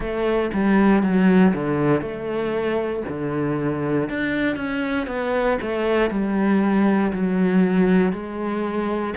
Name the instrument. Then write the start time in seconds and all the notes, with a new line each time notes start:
cello
0.00 A3
0.53 G3
1.02 F#3
1.54 D3
2.01 A3
3.08 D3
4.09 D4
4.55 C#4
5.07 B3
5.61 A3
6.10 G3
7.12 F#3
8.12 G#3